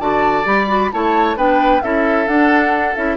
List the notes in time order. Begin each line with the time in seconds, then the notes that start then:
0.00 D3 F#4 D5 A5
0.44 G3 G4 B5
0.68 F#4
0.92 A3 E4 C#5 A5
1.36 B3 D4 B4 G5
1.82 C#4 E4 A4 E5
2.27 D4 F#5
2.95 C#4 E4 E5